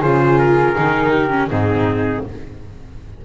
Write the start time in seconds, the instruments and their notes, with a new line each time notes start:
0.00 double bass C#3, viola F4, flute G#4, trumpet C5
0.39 trumpet A#4
0.75 double bass D#3, viola D#4
1.11 flute G4
1.30 viola C#4
1.50 double bass G#2, viola C4, flute D#4, trumpet G#4